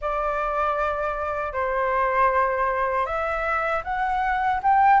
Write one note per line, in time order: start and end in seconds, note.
0.01 1.52 D5
1.52 3.06 C5
3.06 3.83 E5
3.84 4.60 F#5
4.63 5.00 G5